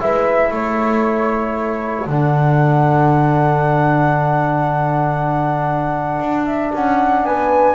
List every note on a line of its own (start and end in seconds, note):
0.00 0.51 G#3
0.00 2.07 E4
0.00 0.52 B4
0.00 0.53 E5
0.51 2.06 A3
0.51 7.25 A4
0.51 2.09 C#5
2.07 6.20 D3
2.07 7.75 D4
2.07 6.46 F#5
6.20 6.72 D4
6.46 6.72 E5
6.74 7.25 C#4
6.74 7.25 F#5
7.25 7.75 B3
7.25 7.75 B4
7.25 7.75 G#5